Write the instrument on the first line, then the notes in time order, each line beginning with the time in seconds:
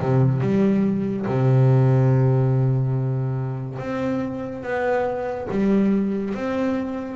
double bass
0.00 C3
0.41 G3
1.26 C3
3.78 C4
4.63 B3
5.50 G3
6.34 C4